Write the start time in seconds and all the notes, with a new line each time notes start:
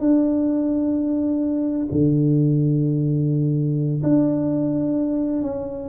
0.00 D4
1.91 D3
4.03 D4
5.42 C#4